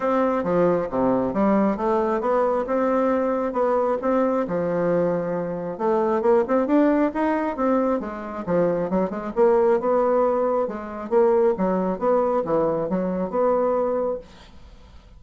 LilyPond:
\new Staff \with { instrumentName = "bassoon" } { \time 4/4 \tempo 4 = 135 c'4 f4 c4 g4 | a4 b4 c'2 | b4 c'4 f2~ | f4 a4 ais8 c'8 d'4 |
dis'4 c'4 gis4 f4 | fis8 gis8 ais4 b2 | gis4 ais4 fis4 b4 | e4 fis4 b2 | }